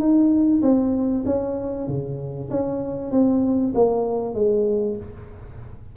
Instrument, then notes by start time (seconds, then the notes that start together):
tuba
0.00 D#4
0.63 C4
1.26 C#4
1.88 C#3
2.51 C#4
3.12 C4
3.75 A#3
4.35 G#3